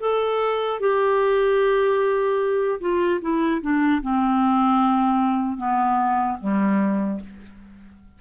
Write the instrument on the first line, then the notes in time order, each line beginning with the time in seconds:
clarinet
0.00 A4
0.80 G4
2.80 F4
3.21 E4
3.62 D4
4.02 C4
5.58 B3
6.40 G3